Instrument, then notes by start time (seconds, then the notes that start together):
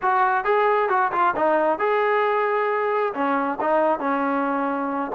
trombone
0.01 F#4
0.44 G#4
0.89 F#4
1.12 F4
1.36 D#4
1.78 G#4
3.14 C#4
3.60 D#4
3.99 C#4